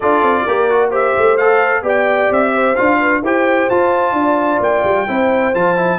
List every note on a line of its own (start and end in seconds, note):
0.00 0.22 D4
0.00 0.47 F4
0.00 0.45 A4
0.00 0.90 D5
0.22 0.45 C4
0.46 1.16 A#3
0.46 0.70 G4
0.46 0.90 A#4
0.70 0.91 F#4
0.90 1.37 G4
0.90 1.82 C5
0.90 1.37 E5
1.17 1.82 A3
1.37 1.83 A4
1.37 1.83 F5
1.82 2.28 B3
1.82 2.75 G4
1.82 2.52 D5
1.82 2.32 G5
2.30 2.76 C4
2.30 2.75 E5
2.53 2.99 C5
2.75 3.21 D4
2.75 3.23 F4
2.75 3.21 F5
2.99 3.22 B4
3.21 3.68 E4
3.21 3.70 G4
3.21 4.16 C5
3.21 3.69 G5
3.69 4.12 F4
3.69 5.07 F4
3.69 4.62 A5
4.12 4.58 D4
4.19 5.07 D5
4.60 4.83 A#3
4.60 5.54 G5
4.83 5.06 G3
5.07 5.54 C4
5.07 5.53 E4
5.07 5.99 C5
5.54 5.99 F3
5.54 5.76 F4
5.54 5.99 A5
5.76 5.99 E4